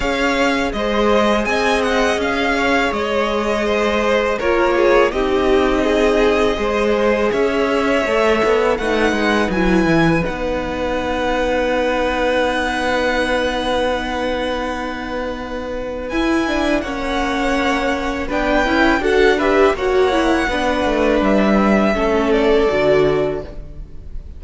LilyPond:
<<
  \new Staff \with { instrumentName = "violin" } { \time 4/4 \tempo 4 = 82 f''4 dis''4 gis''8 fis''8 f''4 | dis''2 cis''4 dis''4~ | dis''2 e''2 | fis''4 gis''4 fis''2~ |
fis''1~ | fis''2 gis''4 fis''4~ | fis''4 g''4 fis''8 e''8 fis''4~ | fis''4 e''4. d''4. | }
  \new Staff \with { instrumentName = "violin" } { \time 4/4 cis''4 c''4 dis''4. cis''8~ | cis''4 c''4 ais'8 gis'8 g'4 | gis'4 c''4 cis''2 | b'1~ |
b'1~ | b'2. cis''4~ | cis''4 b'4 a'8 b'8 cis''4 | b'2 a'2 | }
  \new Staff \with { instrumentName = "viola" } { \time 4/4 gis'1~ | gis'2 f'4 dis'4~ | dis'4 gis'2 a'4 | dis'4 e'4 dis'2~ |
dis'1~ | dis'2 e'8 d'8 cis'4~ | cis'4 d'8 e'8 fis'8 g'8 fis'8 e'8 | d'2 cis'4 fis'4 | }
  \new Staff \with { instrumentName = "cello" } { \time 4/4 cis'4 gis4 c'4 cis'4 | gis2 ais4 c'4~ | c'4 gis4 cis'4 a8 b8 | a8 gis8 fis8 e8 b2~ |
b1~ | b2 e'4 ais4~ | ais4 b8 cis'8 d'4 ais4 | b8 a8 g4 a4 d4 | }
>>